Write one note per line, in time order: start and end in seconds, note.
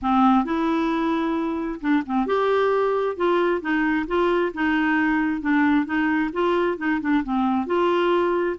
0.02 0.44 C4
0.44 1.80 E4
1.80 2.03 D4
2.05 2.26 C4
2.26 3.16 G4
3.16 3.61 F4
3.61 4.06 D#4
4.07 4.52 F4
4.54 5.41 D#4
5.41 5.85 D4
5.85 6.30 D#4
6.32 6.77 F4
6.77 7.00 D#4
7.00 7.23 D4
7.23 7.66 C4
7.66 8.56 F4